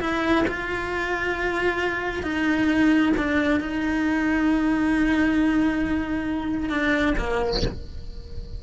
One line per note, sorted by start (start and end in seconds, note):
0.00 0.45 E4
0.47 2.23 F4
2.23 3.12 D#4
3.16 3.60 D4
3.60 6.69 D#4
6.69 7.14 D4
7.17 7.62 A#3